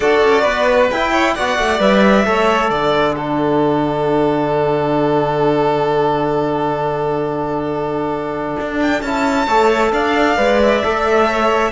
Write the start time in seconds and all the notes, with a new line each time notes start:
0.00 D4 F#4 A4 D5
0.23 C#4
0.41 B3 B4
0.90 E4 G5
1.11 C#5
1.34 B3 F#4 D5 F#5
1.58 A3
1.79 G3 B4 E5
2.25 A3 A4 C#5
2.70 D3 D5 F#5
3.15 D4 A4
8.59 D4
8.82 G5
9.01 C#4 E4 A5
9.46 A3 A4 C#5
9.92 D4 D5 F5
10.36 G#3 B4
10.62 E5
10.83 A3 A4
11.27 C#5